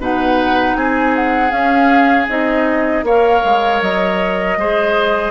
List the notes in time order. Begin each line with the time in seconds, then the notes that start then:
0.00 B2 D#4 B4 F#5
0.76 C4 G#4 G#5
1.16 F#5
1.50 C#4 F5
2.29 C4 D#4 D#5
3.03 A#3 A#4 C#5 F5
3.45 G#3
3.82 F#3 D#5
4.57 G#3 G#4 C5